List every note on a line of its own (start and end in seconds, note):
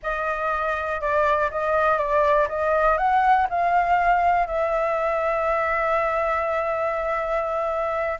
0.02 1.00 D#5
1.00 1.50 D5
1.51 1.98 D#5
1.98 2.47 D5
2.48 2.97 D#5
2.97 3.47 F#5
3.49 4.47 F5
4.47 8.18 E5